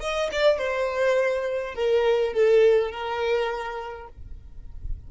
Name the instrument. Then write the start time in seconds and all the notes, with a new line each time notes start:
violin
0.00 D#5
0.32 D5
0.58 C5
1.75 A#4
2.33 A4
2.91 A#4